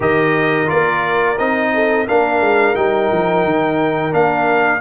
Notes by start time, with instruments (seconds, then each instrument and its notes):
0.00 tuba D#3, trombone G4, horn A#4, trumpet D#5
0.66 tuba A#3, trombone F4, trumpet D5
1.38 tuba C4, trombone D#4, trumpet D#5
1.73 horn A4
2.07 tuba A#3, trombone D4, horn A#4, trumpet F5
2.40 tuba G#3
2.75 tuba G3, trombone D#4, trumpet G5
3.11 tuba F3
3.44 tuba D#3
4.11 tuba A#3, trombone D4, trumpet F5